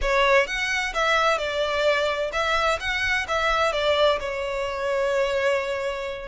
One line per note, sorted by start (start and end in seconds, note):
0.01 0.46 C#5
0.46 0.93 F#5
0.94 1.38 E5
1.38 2.31 D5
2.32 2.79 E5
2.80 3.26 F#5
3.28 3.72 E5
3.72 4.19 D5
4.19 6.28 C#5